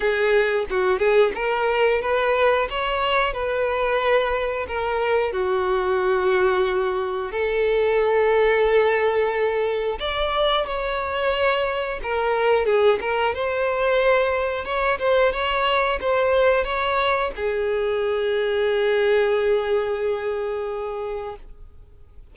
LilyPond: \new Staff \with { instrumentName = "violin" } { \time 4/4 \tempo 4 = 90 gis'4 fis'8 gis'8 ais'4 b'4 | cis''4 b'2 ais'4 | fis'2. a'4~ | a'2. d''4 |
cis''2 ais'4 gis'8 ais'8 | c''2 cis''8 c''8 cis''4 | c''4 cis''4 gis'2~ | gis'1 | }